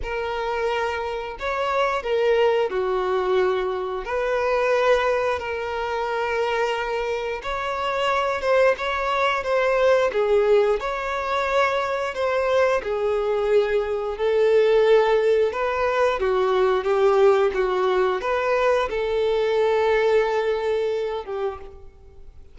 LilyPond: \new Staff \with { instrumentName = "violin" } { \time 4/4 \tempo 4 = 89 ais'2 cis''4 ais'4 | fis'2 b'2 | ais'2. cis''4~ | cis''8 c''8 cis''4 c''4 gis'4 |
cis''2 c''4 gis'4~ | gis'4 a'2 b'4 | fis'4 g'4 fis'4 b'4 | a'2.~ a'8 g'8 | }